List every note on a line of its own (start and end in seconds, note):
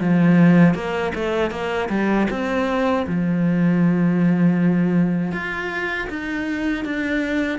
0.00 0.74 F3
0.74 1.12 A#3
1.15 1.51 A3
1.51 1.89 A#3
1.90 2.28 G3
2.30 3.06 C4
3.07 5.32 F3
5.32 6.08 F4
6.10 6.85 D#4
6.85 7.59 D4